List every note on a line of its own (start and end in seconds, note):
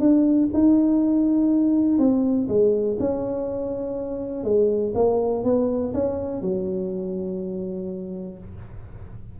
0.00 0.49 D4
0.53 1.99 D#4
1.99 2.48 C4
2.48 2.98 G#3
2.99 4.44 C#4
4.44 4.93 G#3
4.94 5.44 A#3
5.44 5.93 B3
5.94 6.42 C#4
6.42 8.38 F#3